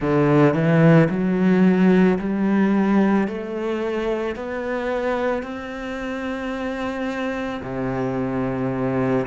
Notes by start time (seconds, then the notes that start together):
0.00 D3
0.54 E3
1.09 F#3
2.18 G3
3.27 A3
4.35 B3
5.42 C4
7.62 C3